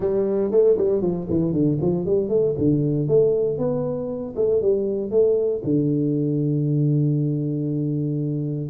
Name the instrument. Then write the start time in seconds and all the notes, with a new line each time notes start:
tuba
0.00 G3
0.51 A3
0.77 G3
1.01 F3
1.29 E3
1.52 D3
1.81 F3
2.05 G3
2.28 A3
2.58 D3
3.08 A3
3.58 B3
4.36 A3
4.61 G3
5.10 A3
5.64 D3